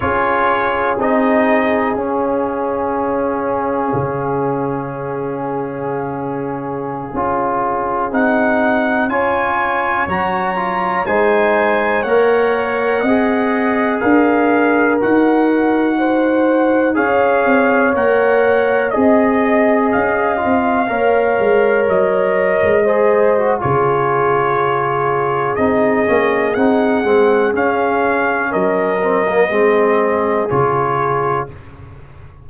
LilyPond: <<
  \new Staff \with { instrumentName = "trumpet" } { \time 4/4 \tempo 4 = 61 cis''4 dis''4 f''2~ | f''1~ | f''16 fis''4 gis''4 ais''4 gis''8.~ | gis''16 fis''2 f''4 fis''8.~ |
fis''4~ fis''16 f''4 fis''4 dis''8.~ | dis''16 f''2 dis''4.~ dis''16 | cis''2 dis''4 fis''4 | f''4 dis''2 cis''4 | }
  \new Staff \with { instrumentName = "horn" } { \time 4/4 gis'1~ | gis'1~ | gis'4~ gis'16 cis''2 c''8.~ | c''16 cis''4 dis''4 ais'4.~ ais'16~ |
ais'16 c''4 cis''2 dis''8.~ | dis''4~ dis''16 cis''2 c''8. | gis'1~ | gis'4 ais'4 gis'2 | }
  \new Staff \with { instrumentName = "trombone" } { \time 4/4 f'4 dis'4 cis'2~ | cis'2.~ cis'16 f'8.~ | f'16 dis'4 f'4 fis'8 f'8 dis'8.~ | dis'16 ais'4 gis'2 fis'8.~ |
fis'4~ fis'16 gis'4 ais'4 gis'8.~ | gis'8. f'8 ais'2 gis'8 fis'16 | f'2 dis'8 cis'8 dis'8 c'8 | cis'4. c'16 ais16 c'4 f'4 | }
  \new Staff \with { instrumentName = "tuba" } { \time 4/4 cis'4 c'4 cis'2 | cis2.~ cis16 cis'8.~ | cis'16 c'4 cis'4 fis4 gis8.~ | gis16 ais4 c'4 d'4 dis'8.~ |
dis'4~ dis'16 cis'8 c'8 ais4 c'8.~ | c'16 cis'8 c'8 ais8 gis8 fis8. gis4 | cis2 c'8 ais8 c'8 gis8 | cis'4 fis4 gis4 cis4 | }
>>